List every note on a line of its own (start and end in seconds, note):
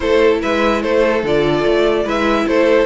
0.00 0.42 A3
0.00 1.23 E4
0.00 0.41 A4
0.00 0.37 C5
0.41 0.84 G#3
0.41 0.82 B4
0.41 0.81 E5
0.81 1.23 A3
0.81 2.04 A4
0.81 1.23 C5
1.23 1.64 D3
1.23 2.06 F4
1.23 2.08 D5
1.66 2.04 A3
2.04 2.45 G#3
2.04 2.85 E4
2.04 2.45 B4
2.04 2.47 E5
2.47 2.85 A3
2.47 2.85 A4
2.47 2.85 C5